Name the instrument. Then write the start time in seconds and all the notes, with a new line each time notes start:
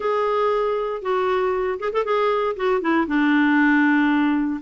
clarinet
0.00 G#4
1.02 F#4
1.79 G#4
1.93 A4
2.04 G#4
2.56 F#4
2.81 E4
3.07 D4